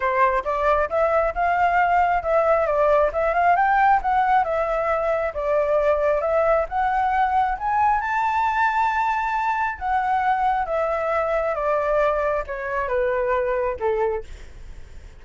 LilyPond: \new Staff \with { instrumentName = "flute" } { \time 4/4 \tempo 4 = 135 c''4 d''4 e''4 f''4~ | f''4 e''4 d''4 e''8 f''8 | g''4 fis''4 e''2 | d''2 e''4 fis''4~ |
fis''4 gis''4 a''2~ | a''2 fis''2 | e''2 d''2 | cis''4 b'2 a'4 | }